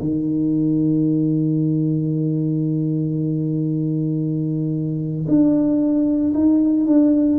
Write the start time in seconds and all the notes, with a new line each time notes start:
0.00 D#3
5.28 D4
6.34 D#4
6.86 D4